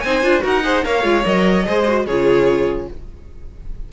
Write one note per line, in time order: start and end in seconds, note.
0.00 0.23 C4
0.00 0.23 D#4
0.00 0.43 C5
0.00 0.41 G#5
0.23 0.44 D4
0.23 0.40 F4
0.40 0.85 D#4
0.40 0.60 F#4
0.40 0.63 A#4
0.40 0.85 F#5
0.63 0.84 G#4
0.63 0.85 C5
0.84 1.03 A#3
0.84 1.02 A#4
0.84 1.66 C#5
0.84 1.25 F5
1.02 1.24 G#3
1.02 1.23 F4
1.25 1.66 F#3
1.25 1.65 A#4
1.25 2.06 D#5
1.65 2.06 G#3
1.65 1.86 G#4
1.65 2.06 C5
1.87 2.07 F#4
2.06 2.88 C#3
2.06 2.92 F4
2.06 2.87 G#4
2.06 2.88 C#5